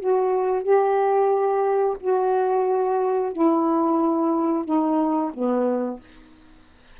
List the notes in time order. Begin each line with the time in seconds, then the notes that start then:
0.00 F#4
0.63 G4
2.00 F#4
3.32 E4
4.65 D#4
5.33 B3